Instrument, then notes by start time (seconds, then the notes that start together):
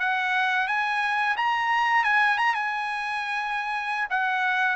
trumpet
0.00 F#5
0.68 G#5
1.37 A#5
2.05 G#5
2.38 A#5
2.54 G#5
4.10 F#5